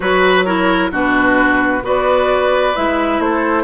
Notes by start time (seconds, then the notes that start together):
0.00 F#3 F#4 B4 C#5
0.23 B4
0.44 E4 A#4 C#5
0.91 B2 D4 F#4 B4
1.82 B3 F#4 B4 D5
2.75 G#3 E4 E5
3.19 A3 A4 C5